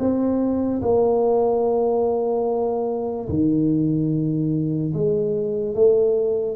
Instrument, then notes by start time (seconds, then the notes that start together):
tuba
0.00 C4
0.82 A#3
3.29 D#3
4.94 G#3
5.75 A3